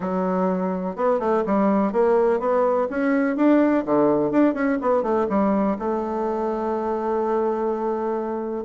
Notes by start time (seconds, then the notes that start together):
0.00 F#3
0.96 B3
1.19 A3
1.46 G3
1.92 A#3
2.39 B3
2.90 C#4
3.36 D4
3.85 D3
4.31 D4
4.54 C#4
4.81 B3
5.03 A3
5.29 G3
5.78 A3